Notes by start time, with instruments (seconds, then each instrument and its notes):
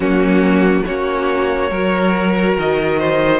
0.00 cello F#3, viola A#3, violin C#4 F#4
0.85 cello A#3, viola C#4, violin F#4 C#5
1.70 cello F#3, viola F#4, violin A#4
2.56 cello D#3, violin D#5
2.98 violin C5